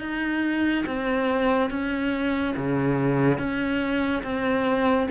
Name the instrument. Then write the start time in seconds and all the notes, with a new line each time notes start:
cello
0.00 D#4
0.86 C4
1.70 C#4
2.57 C#3
3.38 C#4
4.23 C4